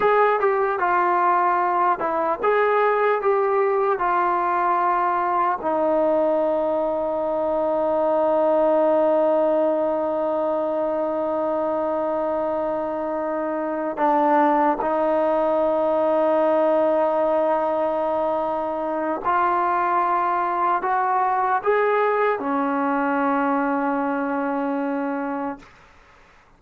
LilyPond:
\new Staff \with { instrumentName = "trombone" } { \time 4/4 \tempo 4 = 75 gis'8 g'8 f'4. e'8 gis'4 | g'4 f'2 dis'4~ | dis'1~ | dis'1~ |
dis'4. d'4 dis'4.~ | dis'1 | f'2 fis'4 gis'4 | cis'1 | }